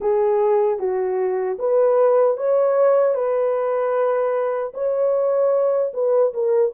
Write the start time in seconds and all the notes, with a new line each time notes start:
0.00 G#4
0.79 F#4
1.58 B4
2.37 C#5
3.14 B4
4.74 C#5
5.93 B4
6.33 A#4